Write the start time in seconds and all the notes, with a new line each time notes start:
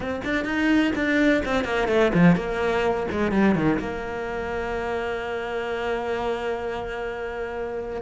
0.00 C4
0.24 D4
0.45 D#4
0.95 D4
1.45 C4
1.64 A#3
1.88 A3
2.13 F3
2.35 A#3
3.11 G#3
3.31 G3
3.55 D#3
3.79 A#3